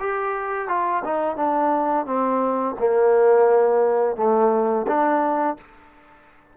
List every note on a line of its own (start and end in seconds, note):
0.00 0.68 G4
0.68 1.03 F4
1.04 1.36 D#4
1.36 2.06 D4
2.06 2.76 C4
2.79 4.17 A#3
4.17 4.86 A3
4.87 5.57 D4